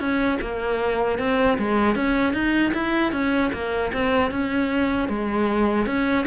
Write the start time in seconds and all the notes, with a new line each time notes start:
0.00 C#4
0.41 A#3
1.19 C4
1.59 G#3
1.96 C#4
2.34 D#4
2.74 E4
3.13 C#4
3.53 A#3
3.94 C4
4.31 C#4
5.09 G#3
5.87 C#4